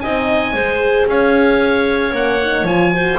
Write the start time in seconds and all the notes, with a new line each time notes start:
0.00 C4 D#4 D#5 G#5
0.53 G#3 G#4 C5
1.06 C#4 C#5 F5
2.11 A#3 C#4 F#5
2.43 D#4
2.63 F3 F4 G#5
2.92 F#4 C5